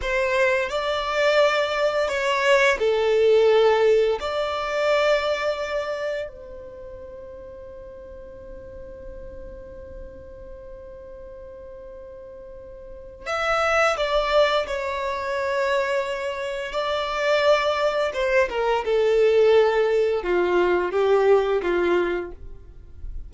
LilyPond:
\new Staff \with { instrumentName = "violin" } { \time 4/4 \tempo 4 = 86 c''4 d''2 cis''4 | a'2 d''2~ | d''4 c''2.~ | c''1~ |
c''2. e''4 | d''4 cis''2. | d''2 c''8 ais'8 a'4~ | a'4 f'4 g'4 f'4 | }